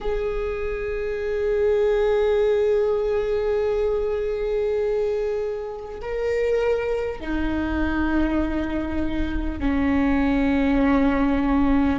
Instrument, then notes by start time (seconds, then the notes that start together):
viola
0.00 G#4
6.01 A#4
7.20 D#4
9.59 C#4